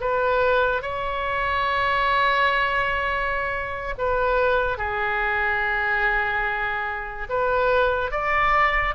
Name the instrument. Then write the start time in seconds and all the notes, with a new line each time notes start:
oboe
0.00 B4
0.82 C#5
3.97 B4
4.77 G#4
7.29 B4
8.11 D5